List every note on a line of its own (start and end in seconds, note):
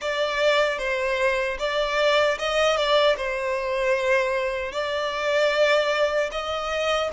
0.01 0.78 D5
0.78 1.57 C5
1.59 2.38 D5
2.38 2.76 D#5
2.76 3.16 D5
3.17 4.72 C5
4.72 6.29 D5
6.31 7.10 D#5